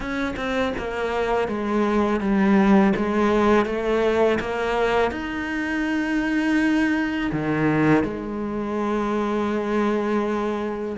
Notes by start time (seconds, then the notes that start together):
0.00 C#4
0.36 C4
0.77 A#3
1.48 G#3
2.20 G3
2.95 G#3
3.65 A3
4.40 A#3
5.11 D#4
7.31 D#3
8.03 G#3